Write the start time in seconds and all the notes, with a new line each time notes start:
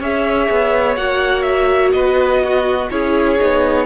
0.00 C#4 G#4 C#5 E5
0.51 B3
0.96 A#3 F#4 F#5
1.42 E5
1.92 B3 B4 D#5
2.44 F#4
2.91 C#4 E4 G#4 C#5
3.40 B3 D#4